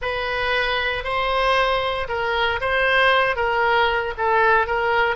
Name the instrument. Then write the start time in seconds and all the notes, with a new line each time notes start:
oboe
0.01 B4
1.04 C5
2.08 A#4
2.60 C5
3.36 A#4
4.17 A4
4.66 A#4